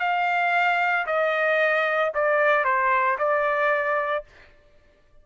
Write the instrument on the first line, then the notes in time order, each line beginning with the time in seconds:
trumpet
0.00 F5
1.06 D#5
2.15 D5
2.65 C5
3.19 D5